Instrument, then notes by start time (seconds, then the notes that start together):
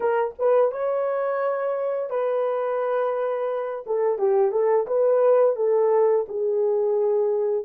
horn
0.00 A#4
0.38 B4
0.71 C#5
2.10 B4
3.86 A4
4.18 G4
4.51 A4
4.86 B4
5.56 A4
6.28 G#4